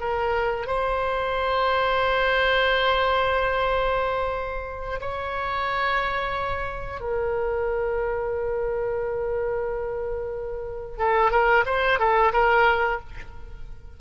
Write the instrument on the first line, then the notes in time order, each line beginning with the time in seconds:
oboe
0.00 A#4
0.67 C5
5.01 C#5
7.01 A#4
10.98 A4
11.31 A#4
11.66 C5
11.99 A4
12.33 A#4